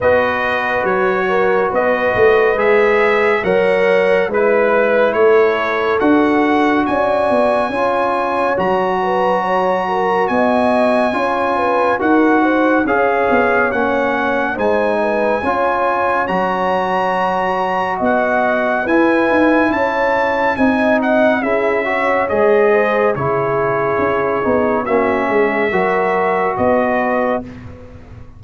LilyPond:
<<
  \new Staff \with { instrumentName = "trumpet" } { \time 4/4 \tempo 4 = 70 dis''4 cis''4 dis''4 e''4 | fis''4 b'4 cis''4 fis''4 | gis''2 ais''2 | gis''2 fis''4 f''4 |
fis''4 gis''2 ais''4~ | ais''4 fis''4 gis''4 a''4 | gis''8 fis''8 e''4 dis''4 cis''4~ | cis''4 e''2 dis''4 | }
  \new Staff \with { instrumentName = "horn" } { \time 4/4 b'4. ais'8 b'2 | cis''4 b'4 a'2 | d''4 cis''4. b'8 cis''8 ais'8 | dis''4 cis''8 b'8 ais'8 c''8 cis''4~ |
cis''4 c''8 b'8 cis''2~ | cis''4 dis''4 b'4 cis''4 | dis''4 gis'8 cis''4 c''8 gis'4~ | gis'4 fis'8 gis'8 ais'4 b'4 | }
  \new Staff \with { instrumentName = "trombone" } { \time 4/4 fis'2. gis'4 | ais'4 e'2 fis'4~ | fis'4 f'4 fis'2~ | fis'4 f'4 fis'4 gis'4 |
cis'4 dis'4 f'4 fis'4~ | fis'2 e'2 | dis'4 e'8 fis'8 gis'4 e'4~ | e'8 dis'8 cis'4 fis'2 | }
  \new Staff \with { instrumentName = "tuba" } { \time 4/4 b4 fis4 b8 a8 gis4 | fis4 gis4 a4 d'4 | cis'8 b8 cis'4 fis2 | b4 cis'4 dis'4 cis'8 b8 |
ais4 gis4 cis'4 fis4~ | fis4 b4 e'8 dis'8 cis'4 | c'4 cis'4 gis4 cis4 | cis'8 b8 ais8 gis8 fis4 b4 | }
>>